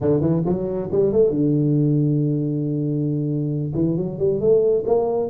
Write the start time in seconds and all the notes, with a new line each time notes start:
0.00 D3
0.20 E3
0.45 F#3
0.91 G3
1.12 A3
1.30 D3
3.74 E3
3.96 F#3
4.19 G3
4.40 A3
4.86 A#3